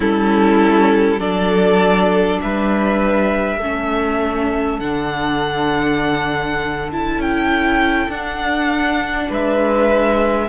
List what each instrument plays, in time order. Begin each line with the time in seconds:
0.00 cello G3, viola C#4, violin E4 A4
1.19 cello F#3, viola D4, violin A4 D5
2.41 cello G3, violin B4 E5
3.57 cello A3, viola C#4, violin A4
4.79 cello D3, viola D4, violin F#5
6.91 viola E4, violin A5
7.17 cello C#4, violin G5
8.08 cello D4, viola D4, violin F#5
9.29 cello G#3, violin B4 E5